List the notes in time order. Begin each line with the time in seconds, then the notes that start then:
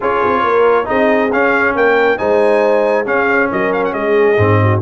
0.00 C#4 F4 G#4 C#5
0.24 C4
0.43 A#3 A#4
0.85 C4 D#4 G#4 D#5
1.32 C#4 F5
1.75 A#3 A#4 G5
2.17 G#3 D#4 C5 G#5
3.05 C#4 G#4 F5
3.51 F#3 A#4 D#5
3.73 F5
3.84 F#5
3.93 G#3 G#4 D#5
4.37 G#2 C4
4.61 F#4